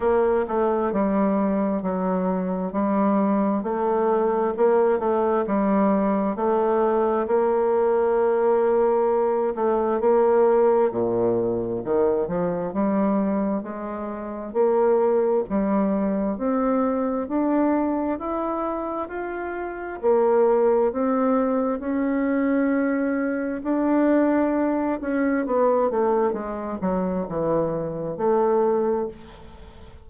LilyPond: \new Staff \with { instrumentName = "bassoon" } { \time 4/4 \tempo 4 = 66 ais8 a8 g4 fis4 g4 | a4 ais8 a8 g4 a4 | ais2~ ais8 a8 ais4 | ais,4 dis8 f8 g4 gis4 |
ais4 g4 c'4 d'4 | e'4 f'4 ais4 c'4 | cis'2 d'4. cis'8 | b8 a8 gis8 fis8 e4 a4 | }